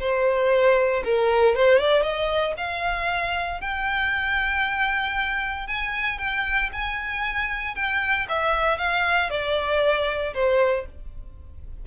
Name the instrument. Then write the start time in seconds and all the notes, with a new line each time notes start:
violin
0.00 C5
1.05 A#4
1.56 C5
1.79 D5
2.02 D#5
2.57 F5
3.61 G5
5.67 G#5
6.19 G5
6.73 G#5
7.75 G5
8.29 E5
8.78 F5
9.30 D5
10.34 C5